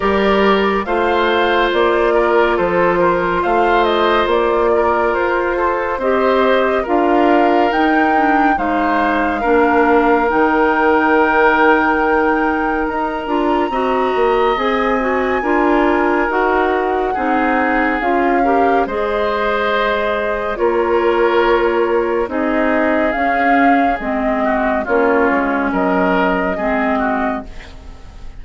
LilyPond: <<
  \new Staff \with { instrumentName = "flute" } { \time 4/4 \tempo 4 = 70 d''4 f''4 d''4 c''4 | f''8 dis''8 d''4 c''4 dis''4 | f''4 g''4 f''2 | g''2. ais''4~ |
ais''4 gis''2 fis''4~ | fis''4 f''4 dis''2 | cis''2 dis''4 f''4 | dis''4 cis''4 dis''2 | }
  \new Staff \with { instrumentName = "oboe" } { \time 4/4 ais'4 c''4. ais'8 a'8 ais'8 | c''4. ais'4 a'8 c''4 | ais'2 c''4 ais'4~ | ais'1 |
dis''2 ais'2 | gis'4. ais'8 c''2 | ais'2 gis'2~ | gis'8 fis'8 f'4 ais'4 gis'8 fis'8 | }
  \new Staff \with { instrumentName = "clarinet" } { \time 4/4 g'4 f'2.~ | f'2. g'4 | f'4 dis'8 d'8 dis'4 d'4 | dis'2.~ dis'8 f'8 |
fis'4 gis'8 fis'8 f'4 fis'4 | dis'4 f'8 g'8 gis'2 | f'2 dis'4 cis'4 | c'4 cis'2 c'4 | }
  \new Staff \with { instrumentName = "bassoon" } { \time 4/4 g4 a4 ais4 f4 | a4 ais4 f'4 c'4 | d'4 dis'4 gis4 ais4 | dis2. dis'8 d'8 |
c'8 ais8 c'4 d'4 dis'4 | c'4 cis'4 gis2 | ais2 c'4 cis'4 | gis4 ais8 gis8 fis4 gis4 | }
>>